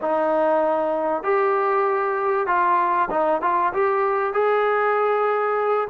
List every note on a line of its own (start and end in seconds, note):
0.01 1.23 D#4
1.23 2.46 G4
2.47 3.08 F4
3.10 3.41 D#4
3.41 3.72 F4
3.73 4.33 G4
4.33 5.88 G#4